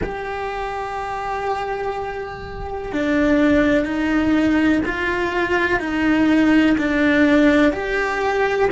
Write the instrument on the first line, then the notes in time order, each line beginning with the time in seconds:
cello
0.02 G4
2.92 D4
3.85 D#4
4.85 F4
5.79 D#4
6.77 D4
7.72 G4